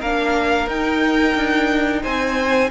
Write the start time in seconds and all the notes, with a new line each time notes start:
0.00 A#3 D4 A#4 F5
0.67 D#4 G5
1.35 D4
2.03 C4 C5 G#5